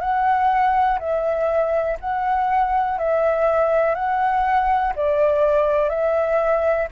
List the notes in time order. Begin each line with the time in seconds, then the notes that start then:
0.00 F#5
0.99 E5
1.99 F#5
2.98 E5
3.95 F#5
4.95 D5
5.89 E5